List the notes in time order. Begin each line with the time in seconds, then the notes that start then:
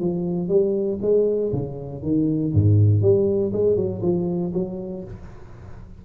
0.00 F3
0.48 G3
1.02 G#3
1.52 C#3
2.02 D#3
2.54 G#2
3.01 G3
3.53 G#3
3.76 F#3
4.02 F3
4.53 F#3